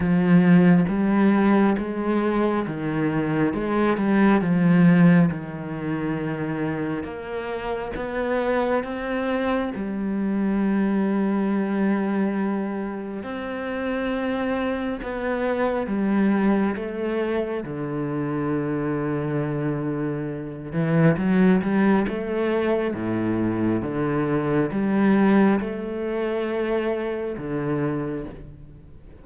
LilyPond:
\new Staff \with { instrumentName = "cello" } { \time 4/4 \tempo 4 = 68 f4 g4 gis4 dis4 | gis8 g8 f4 dis2 | ais4 b4 c'4 g4~ | g2. c'4~ |
c'4 b4 g4 a4 | d2.~ d8 e8 | fis8 g8 a4 a,4 d4 | g4 a2 d4 | }